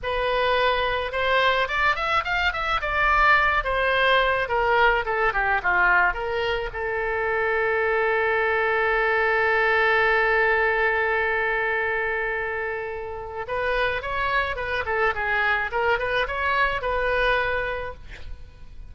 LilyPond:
\new Staff \with { instrumentName = "oboe" } { \time 4/4 \tempo 4 = 107 b'2 c''4 d''8 e''8 | f''8 e''8 d''4. c''4. | ais'4 a'8 g'8 f'4 ais'4 | a'1~ |
a'1~ | a'1 | b'4 cis''4 b'8 a'8 gis'4 | ais'8 b'8 cis''4 b'2 | }